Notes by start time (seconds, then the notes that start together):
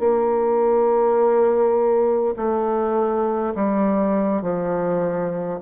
0.00 A#3
2.36 A3
3.55 G3
4.42 F3